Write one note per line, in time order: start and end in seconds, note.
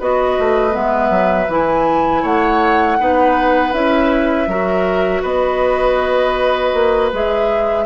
0.00 0.38 B3
0.00 0.70 F#4
0.00 2.22 B4
0.00 0.75 D#5
0.39 0.75 A3
0.70 1.10 G#3
0.70 1.45 B3
0.70 1.50 E5
1.10 1.47 F#3
1.48 2.23 E3
1.48 2.99 E4
1.48 2.25 G#5
2.22 2.99 A3
2.22 2.97 C#5
2.22 3.73 F#5
2.99 3.73 B3
2.99 3.73 D#4
2.99 4.49 B4
3.73 4.47 C#4
3.73 4.48 E4
3.73 5.23 E5
4.47 5.22 F#3
4.47 7.11 F#4
4.47 5.22 A#4
5.22 6.73 B3
5.22 7.85 B4
5.22 7.11 D#5
6.74 7.11 A#3
7.12 7.85 G#3
7.12 7.85 G#4
7.12 7.85 E5